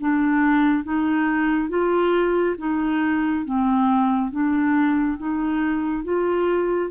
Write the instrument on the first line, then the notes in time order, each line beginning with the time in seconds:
clarinet
0.00 D4
0.84 D#4
1.69 F4
2.58 D#4
3.45 C4
4.31 D4
5.18 D#4
6.04 F4